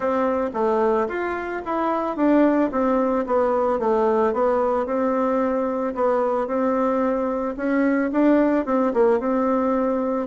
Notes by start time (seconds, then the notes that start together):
0.00 C4
0.53 A3
1.08 F4
1.65 E4
2.16 D4
2.71 C4
3.26 B3
3.79 A3
4.33 B3
4.86 C4
5.95 B3
6.47 C4
7.57 C#4
8.12 D4
8.65 C4
8.93 A#3
9.19 C4